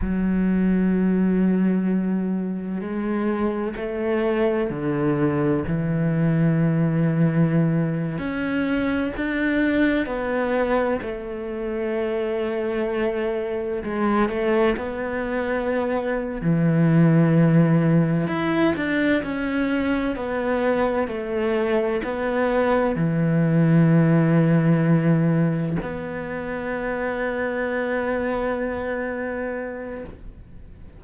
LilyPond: \new Staff \with { instrumentName = "cello" } { \time 4/4 \tempo 4 = 64 fis2. gis4 | a4 d4 e2~ | e8. cis'4 d'4 b4 a16~ | a2~ a8. gis8 a8 b16~ |
b4. e2 e'8 | d'8 cis'4 b4 a4 b8~ | b8 e2. b8~ | b1 | }